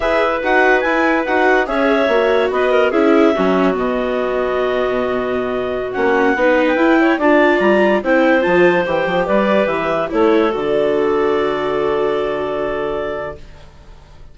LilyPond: <<
  \new Staff \with { instrumentName = "clarinet" } { \time 4/4 \tempo 4 = 144 e''4 fis''4 gis''4 fis''4 | e''2 dis''4 e''4~ | e''4 dis''2.~ | dis''2~ dis''16 fis''4.~ fis''16 |
g''4~ g''16 a''4 ais''4 g''8.~ | g''16 a''4 g''4 d''4 e''8.~ | e''16 cis''4 d''2~ d''8.~ | d''1 | }
  \new Staff \with { instrumentName = "clarinet" } { \time 4/4 b'1 | cis''2 b'8 ais'8 gis'4 | fis'1~ | fis'2.~ fis'16 b'8.~ |
b'8. cis''8 d''2 c''8.~ | c''2~ c''16 b'4.~ b'16~ | b'16 a'2.~ a'8.~ | a'1 | }
  \new Staff \with { instrumentName = "viola" } { \time 4/4 gis'4 fis'4 e'4 fis'4 | gis'4 fis'2 e'4 | cis'4 b2.~ | b2~ b16 cis'4 dis'8.~ |
dis'16 e'4 f'2 e'8.~ | e'16 f'4 g'2~ g'8.~ | g'16 e'4 fis'2~ fis'8.~ | fis'1 | }
  \new Staff \with { instrumentName = "bassoon" } { \time 4/4 e'4 dis'4 e'4 dis'4 | cis'4 ais4 b4 cis'4 | fis4 b,2.~ | b,2~ b,16 ais4 b8.~ |
b16 e'4 d'4 g4 c'8.~ | c'16 f4 e8 f8 g4 e8.~ | e16 a4 d2~ d8.~ | d1 | }
>>